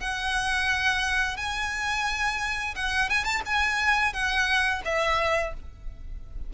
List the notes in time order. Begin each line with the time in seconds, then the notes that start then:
0.00 F#5
1.37 G#5
2.75 F#5
3.10 G#5
3.24 A5
3.46 G#5
4.13 F#5
4.85 E5